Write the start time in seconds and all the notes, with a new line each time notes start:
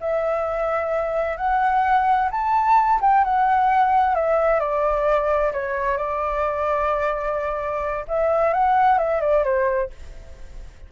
0.00 E5
1.37 F#5
2.31 A5
3.01 G5
3.24 F#5
4.15 E5
4.60 D5
5.52 C#5
5.97 D5
8.08 E5
8.53 F#5
8.98 E5
9.21 D5
9.44 C5